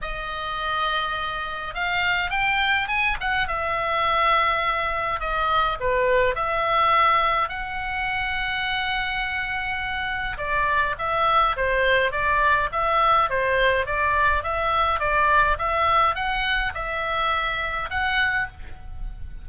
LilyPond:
\new Staff \with { instrumentName = "oboe" } { \time 4/4 \tempo 4 = 104 dis''2. f''4 | g''4 gis''8 fis''8 e''2~ | e''4 dis''4 b'4 e''4~ | e''4 fis''2.~ |
fis''2 d''4 e''4 | c''4 d''4 e''4 c''4 | d''4 e''4 d''4 e''4 | fis''4 e''2 fis''4 | }